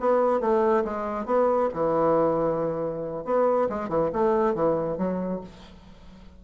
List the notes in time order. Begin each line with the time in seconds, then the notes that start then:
0.00 B3
0.41 A3
0.85 G#3
1.26 B3
1.74 E3
3.25 B3
3.69 G#3
3.89 E3
4.13 A3
4.55 E3
4.98 F#3